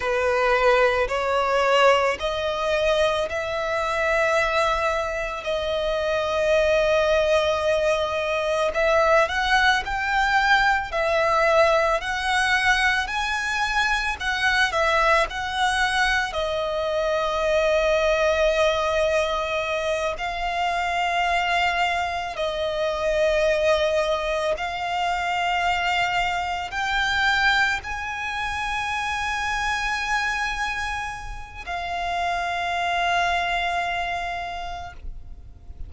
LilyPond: \new Staff \with { instrumentName = "violin" } { \time 4/4 \tempo 4 = 55 b'4 cis''4 dis''4 e''4~ | e''4 dis''2. | e''8 fis''8 g''4 e''4 fis''4 | gis''4 fis''8 e''8 fis''4 dis''4~ |
dis''2~ dis''8 f''4.~ | f''8 dis''2 f''4.~ | f''8 g''4 gis''2~ gis''8~ | gis''4 f''2. | }